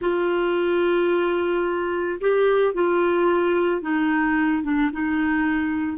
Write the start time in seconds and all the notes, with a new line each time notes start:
0.01 F4
2.21 G4
2.73 F4
3.81 D#4
4.63 D4
4.92 D#4